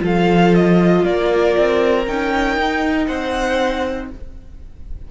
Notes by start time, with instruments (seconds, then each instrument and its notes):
0.00 cello F3, viola F4, violin A4 F5
0.55 violin D#5
1.05 cello A#3, violin A#4 D5
1.57 cello C4
2.07 cello C#4, viola D#4, violin G5
2.57 cello D#4
3.07 cello C4, violin C5 F#5